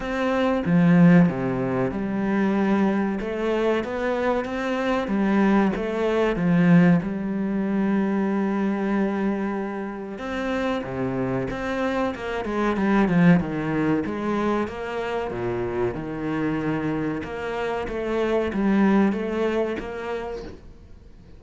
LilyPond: \new Staff \with { instrumentName = "cello" } { \time 4/4 \tempo 4 = 94 c'4 f4 c4 g4~ | g4 a4 b4 c'4 | g4 a4 f4 g4~ | g1 |
c'4 c4 c'4 ais8 gis8 | g8 f8 dis4 gis4 ais4 | ais,4 dis2 ais4 | a4 g4 a4 ais4 | }